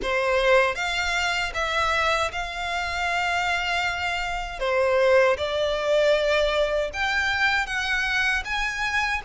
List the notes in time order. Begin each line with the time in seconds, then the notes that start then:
0.02 C5
0.75 F5
1.54 E5
2.32 F5
4.59 C5
5.37 D5
6.93 G5
7.66 F#5
8.44 G#5